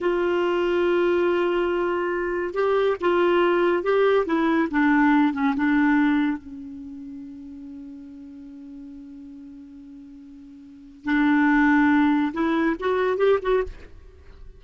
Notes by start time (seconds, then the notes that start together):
0.00 F4
2.54 G4
3.00 F4
3.83 G4
4.26 E4
4.70 D4
5.33 C#4
5.56 D4
6.37 C#4
11.04 D4
12.33 E4
12.79 F#4
13.17 G4
13.42 F#4